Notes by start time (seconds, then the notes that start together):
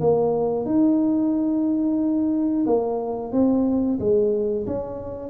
0.00 A#3
0.65 D#4
2.66 A#3
3.32 C4
3.99 G#3
4.67 C#4